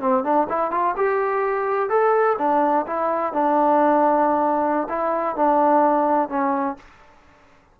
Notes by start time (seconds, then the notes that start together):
0.00 C4
0.24 D4
0.49 E4
0.71 F4
0.96 G4
1.89 A4
2.38 D4
2.86 E4
3.33 D4
4.89 E4
5.36 D4
6.29 C#4